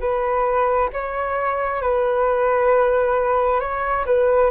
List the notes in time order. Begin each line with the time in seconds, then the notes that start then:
0.00 B4
0.93 C#5
1.82 B4
3.60 C#5
4.06 B4